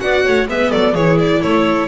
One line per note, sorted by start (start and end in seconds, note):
0.00 0.26 B3
0.00 0.47 F#4
0.00 0.25 D5
0.00 0.48 F#5
0.25 0.48 A3
0.25 0.48 C#5
0.48 0.72 G#3
0.48 0.96 B3
0.48 0.71 B4
0.48 0.72 E5
0.71 0.95 F#3
0.71 0.93 A4
0.71 0.95 D5
0.93 1.43 E3
0.93 1.88 E4
0.93 1.40 G#4
0.93 1.19 C#5
1.20 1.42 D5
1.41 1.88 A3
1.41 1.88 A4
1.41 1.88 C#5